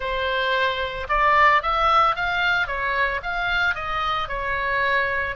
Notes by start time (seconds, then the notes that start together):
0.00 C5
1.08 D5
1.62 E5
2.15 F5
2.67 C#5
3.22 F5
3.75 D#5
4.28 C#5